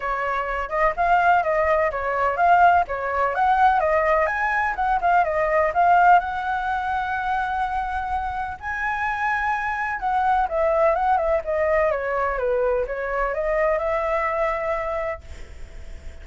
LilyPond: \new Staff \with { instrumentName = "flute" } { \time 4/4 \tempo 4 = 126 cis''4. dis''8 f''4 dis''4 | cis''4 f''4 cis''4 fis''4 | dis''4 gis''4 fis''8 f''8 dis''4 | f''4 fis''2.~ |
fis''2 gis''2~ | gis''4 fis''4 e''4 fis''8 e''8 | dis''4 cis''4 b'4 cis''4 | dis''4 e''2. | }